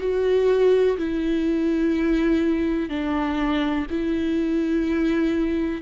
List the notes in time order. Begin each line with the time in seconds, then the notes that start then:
0.00 F#4
0.97 E4
2.89 D4
3.90 E4